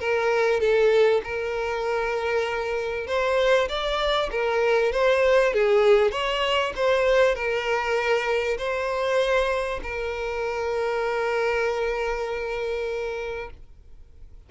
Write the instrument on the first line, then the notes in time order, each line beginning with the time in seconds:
violin
0.00 A#4
0.60 A4
1.24 A#4
3.07 C5
3.69 D5
4.31 A#4
4.92 C5
5.54 G#4
6.12 C#5
6.76 C5
7.35 A#4
8.58 C5
9.83 A#4